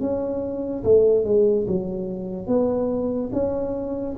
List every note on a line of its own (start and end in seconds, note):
0.00 0.83 C#4
0.84 1.24 A3
1.24 1.66 G#3
1.67 2.47 F#3
2.47 3.30 B3
3.33 4.16 C#4